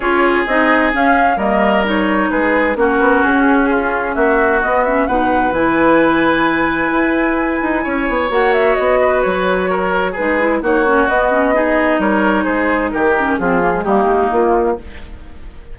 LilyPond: <<
  \new Staff \with { instrumentName = "flute" } { \time 4/4 \tempo 4 = 130 cis''4 dis''4 f''4 dis''4 | cis''4 b'4 ais'4 gis'4~ | gis'4 e''4 dis''8 e''8 fis''4 | gis''1~ |
gis''2 fis''8 e''8 dis''4 | cis''2 b'4 cis''4 | dis''2 cis''4 c''4 | ais'4 gis'4 g'4 f'4 | }
  \new Staff \with { instrumentName = "oboe" } { \time 4/4 gis'2. ais'4~ | ais'4 gis'4 fis'2 | f'4 fis'2 b'4~ | b'1~ |
b'4 cis''2~ cis''8 b'8~ | b'4 ais'4 gis'4 fis'4~ | fis'4 gis'4 ais'4 gis'4 | g'4 f'4 dis'2 | }
  \new Staff \with { instrumentName = "clarinet" } { \time 4/4 f'4 dis'4 cis'4 ais4 | dis'2 cis'2~ | cis'2 b8 cis'8 dis'4 | e'1~ |
e'2 fis'2~ | fis'2 dis'8 e'8 dis'8 cis'8 | b8 cis'8 dis'2.~ | dis'8 cis'8 c'8 ais16 gis16 ais2 | }
  \new Staff \with { instrumentName = "bassoon" } { \time 4/4 cis'4 c'4 cis'4 g4~ | g4 gis4 ais8 b8 cis'4~ | cis'4 ais4 b4 b,4 | e2. e'4~ |
e'8 dis'8 cis'8 b8 ais4 b4 | fis2 gis4 ais4 | b2 g4 gis4 | dis4 f4 g8 gis8 ais4 | }
>>